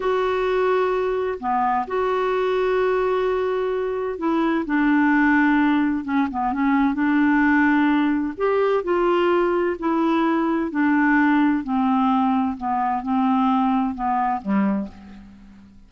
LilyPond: \new Staff \with { instrumentName = "clarinet" } { \time 4/4 \tempo 4 = 129 fis'2. b4 | fis'1~ | fis'4 e'4 d'2~ | d'4 cis'8 b8 cis'4 d'4~ |
d'2 g'4 f'4~ | f'4 e'2 d'4~ | d'4 c'2 b4 | c'2 b4 g4 | }